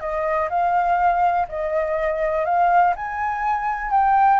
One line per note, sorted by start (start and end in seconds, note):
0.00 0.49 D#5
0.49 1.47 F5
1.48 2.45 D#5
2.45 2.94 F5
2.96 3.90 G#5
3.90 4.39 G5